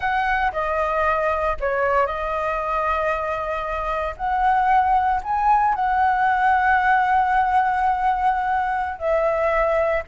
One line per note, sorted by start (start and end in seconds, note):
0.00 0.51 F#5
0.52 1.57 D#5
1.60 2.06 C#5
2.06 4.15 D#5
4.16 5.21 F#5
5.23 5.74 G#5
5.74 8.98 F#5
8.98 10.03 E5